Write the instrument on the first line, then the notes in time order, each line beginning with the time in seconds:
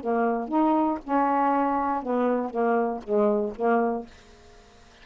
saxophone
0.00 A#3
0.48 D#4
1.04 C#4
2.02 B3
2.50 A#3
3.03 G#3
3.56 A#3